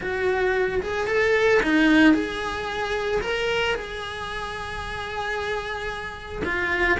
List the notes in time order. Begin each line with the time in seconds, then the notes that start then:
0.00 F#4
0.82 G#4
1.07 A4
1.62 D#4
2.14 G#4
3.21 A#4
3.74 G#4
6.44 F4